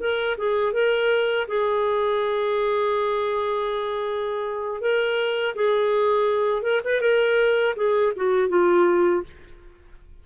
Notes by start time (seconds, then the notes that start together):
0.00 A#4
0.38 G#4
0.73 A#4
1.48 G#4
4.81 A#4
5.56 G#4
6.63 A#4
6.85 B4
7.01 A#4
7.76 G#4
8.16 F#4
8.49 F4